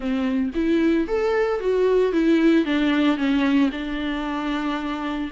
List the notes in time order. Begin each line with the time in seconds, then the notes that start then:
0.00 C4
0.54 E4
1.07 A4
1.60 F#4
2.12 E4
2.65 D4
3.17 C#4
3.71 D4